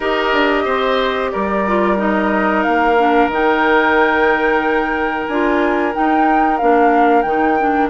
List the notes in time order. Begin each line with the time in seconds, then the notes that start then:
0.00 D#4 G4 A#4 D#5
0.33 D4
0.64 C4 C5
1.31 G3 A#4 D5
1.67 F4
1.96 D#4 D#5
2.62 A#3 F5
2.98 D4
3.27 D#3 D#4
3.33 G5
5.27 D4 F4 G#5
5.93 D#4 G5
6.57 A#3 D4 F5
7.21 D#3 D#4 G5
7.58 D4